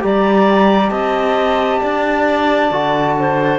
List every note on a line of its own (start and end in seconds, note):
0.00 0.90 G3
0.00 2.69 G4
0.00 0.90 D5
0.00 0.89 A#5
0.89 1.80 C4
0.89 1.80 D#5
0.89 3.58 A5
1.80 2.71 D4
1.80 3.15 D5
2.71 3.59 D3
2.71 3.59 F#4
3.19 3.59 C5